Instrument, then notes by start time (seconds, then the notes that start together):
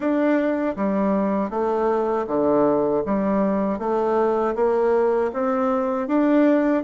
bassoon
0.00 D4
0.76 G3
1.49 A3
2.27 D3
3.06 G3
3.78 A3
4.55 A#3
5.33 C4
6.07 D4